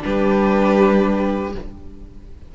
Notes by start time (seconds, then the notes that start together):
0.00 G3 D4 G4 B4